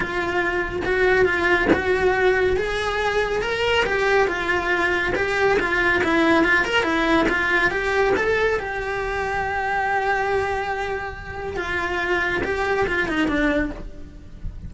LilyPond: \new Staff \with { instrumentName = "cello" } { \time 4/4 \tempo 4 = 140 f'2 fis'4 f'4 | fis'2 gis'2 | ais'4 g'4 f'2 | g'4 f'4 e'4 f'8 ais'8 |
e'4 f'4 g'4 a'4 | g'1~ | g'2. f'4~ | f'4 g'4 f'8 dis'8 d'4 | }